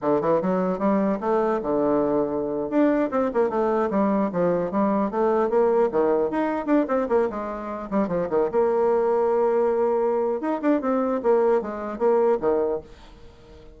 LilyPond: \new Staff \with { instrumentName = "bassoon" } { \time 4/4 \tempo 4 = 150 d8 e8 fis4 g4 a4 | d2~ d8. d'4 c'16~ | c'16 ais8 a4 g4 f4 g16~ | g8. a4 ais4 dis4 dis'16~ |
dis'8. d'8 c'8 ais8 gis4. g16~ | g16 f8 dis8 ais2~ ais8.~ | ais2 dis'8 d'8 c'4 | ais4 gis4 ais4 dis4 | }